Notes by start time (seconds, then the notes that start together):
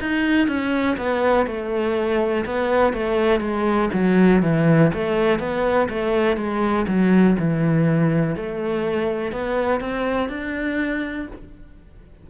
0.00 D#4
0.48 C#4
0.97 B3
1.46 A3
2.45 B3
2.93 A3
3.40 G#3
3.93 F#3
4.42 E3
4.94 A3
5.39 B3
5.89 A3
6.37 G#3
6.88 F#3
7.39 E3
8.36 A3
9.32 B3
9.80 C4
10.29 D4